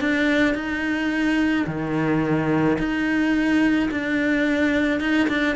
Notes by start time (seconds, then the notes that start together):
0.00 D4
0.54 D#4
1.66 D#3
2.78 D#4
3.90 D4
5.00 D#4
5.28 D4